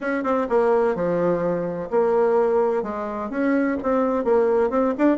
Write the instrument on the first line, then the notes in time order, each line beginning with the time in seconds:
bassoon
0.00 C#4
0.23 C4
0.49 A#3
0.95 F3
1.90 A#3
2.82 G#3
3.29 C#4
3.82 C4
4.24 A#3
4.70 C4
4.98 D4